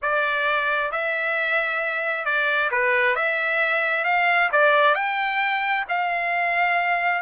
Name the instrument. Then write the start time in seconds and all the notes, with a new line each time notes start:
trumpet
0.01 D5
0.91 E5
2.25 D5
2.71 B4
3.15 E5
4.04 F5
4.52 D5
4.94 G5
5.89 F5